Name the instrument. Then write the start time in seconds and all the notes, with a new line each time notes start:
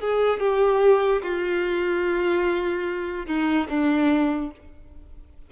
violin
0.00 G#4
0.40 G4
1.23 F4
3.26 D#4
3.69 D4